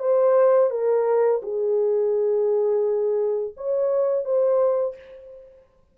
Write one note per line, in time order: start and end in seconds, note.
0.00 0.71 C5
0.71 1.41 A#4
1.43 3.55 G#4
3.57 4.25 C#5
4.25 4.96 C5